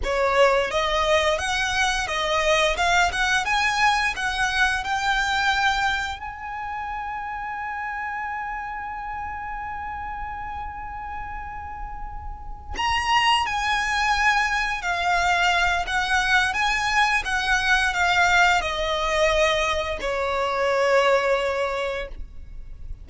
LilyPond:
\new Staff \with { instrumentName = "violin" } { \time 4/4 \tempo 4 = 87 cis''4 dis''4 fis''4 dis''4 | f''8 fis''8 gis''4 fis''4 g''4~ | g''4 gis''2.~ | gis''1~ |
gis''2~ gis''8 ais''4 gis''8~ | gis''4. f''4. fis''4 | gis''4 fis''4 f''4 dis''4~ | dis''4 cis''2. | }